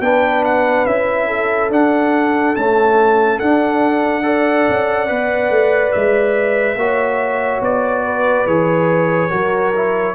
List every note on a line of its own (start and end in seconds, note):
0.00 0.85 B3
0.00 0.87 D4
0.00 1.27 B4
0.00 0.43 G5
0.44 0.85 F#5
0.85 1.70 C#4
0.85 1.70 E4
0.85 1.70 E5
1.27 4.23 A4
1.70 2.54 D4
1.70 2.55 D4
1.70 2.55 F#5
2.55 3.42 A3
2.55 3.40 C#4
2.55 3.39 A5
3.39 4.68 D4
3.39 4.22 D4
3.39 5.92 F#5
4.22 5.07 A4
4.22 6.78 D5
4.68 5.10 C#4
5.07 5.49 B3
5.07 6.76 B4
5.49 5.92 A3
5.92 6.75 G#3
5.92 7.61 E5
6.75 7.60 A#3
6.75 8.47 F#4
6.75 8.04 C#5
7.61 8.45 B3
7.61 8.46 D5
8.04 9.29 B4
8.46 9.30 E3
8.46 9.30 G#4
8.46 10.14 C#5
9.29 10.14 F#3
9.29 9.72 F#4
9.29 10.14 A#4
9.75 10.14 E4